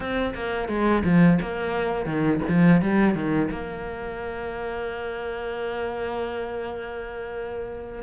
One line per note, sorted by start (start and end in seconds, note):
0.00 0.34 C4
0.34 0.68 A#3
0.68 1.03 G#3
1.04 1.39 F3
1.41 2.05 A#3
2.05 2.40 D#3
2.48 2.81 F3
2.81 3.14 G3
3.14 3.49 D#3
3.51 8.02 A#3